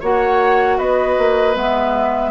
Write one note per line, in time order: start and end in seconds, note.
0.00 0.77 A#3
0.00 1.54 F#4
0.00 0.77 C#5
0.00 0.78 F#5
0.77 1.16 B3
0.77 2.30 B4
0.77 1.55 D#5
1.18 1.56 A#3
1.54 2.30 G#3
1.54 2.30 B3
1.54 2.30 E5